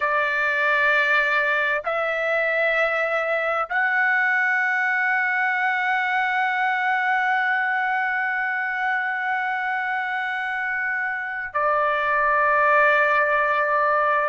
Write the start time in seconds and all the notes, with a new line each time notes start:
0.00 D5
1.84 E5
3.69 F#5
11.53 D5